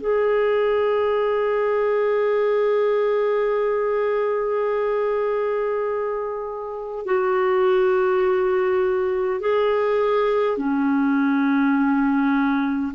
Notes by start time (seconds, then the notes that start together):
0.00 G#4
7.05 F#4
9.40 G#4
10.57 C#4